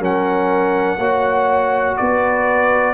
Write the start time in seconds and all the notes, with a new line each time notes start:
0.00 F#3 C#4 A#4 F#5
0.98 A#3 F#4 C#5
1.98 B3 B4 D5